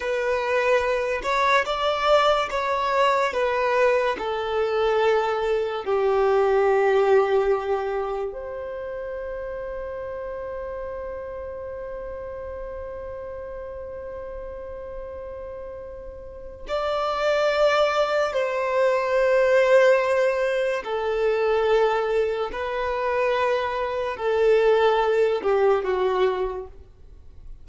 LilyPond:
\new Staff \with { instrumentName = "violin" } { \time 4/4 \tempo 4 = 72 b'4. cis''8 d''4 cis''4 | b'4 a'2 g'4~ | g'2 c''2~ | c''1~ |
c''1 | d''2 c''2~ | c''4 a'2 b'4~ | b'4 a'4. g'8 fis'4 | }